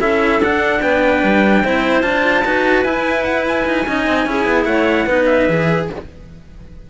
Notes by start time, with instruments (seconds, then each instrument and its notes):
0.00 cello C#4 E4, clarinet A4, trumpet E5
0.41 cello D4, trumpet F#5
0.82 cello B3, clarinet B4, trumpet G5
1.23 cello G3
1.63 cello C4 E4, clarinet C5
2.02 cello D4 F4, trumpet A5
2.45 cello D#4 F#4, clarinet B4
2.84 cello E4, trumpet G#5
3.24 trumpet F#5
3.48 trumpet G#5
3.66 cello D#4
3.87 cello C#4 D#4, clarinet D#5
4.07 cello C4
4.26 cello C#4 E4, clarinet G#4
4.46 cello B3
4.65 cello A3, clarinet C#5, trumpet F#5
5.07 cello B3 D#4, clarinet B4
5.26 trumpet E5
5.49 cello E3 G#4